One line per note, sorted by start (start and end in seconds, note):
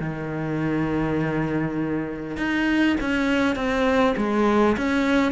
0.00 2.37 D#3
2.37 2.96 D#4
3.00 3.55 C#4
3.55 4.14 C4
4.17 4.76 G#3
4.77 5.32 C#4